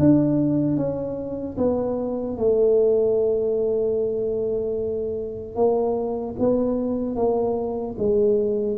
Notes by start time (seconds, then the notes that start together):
0.00 D4
0.77 C#4
1.58 B3
2.38 A3
5.56 A#3
6.40 B3
7.16 A#3
7.99 G#3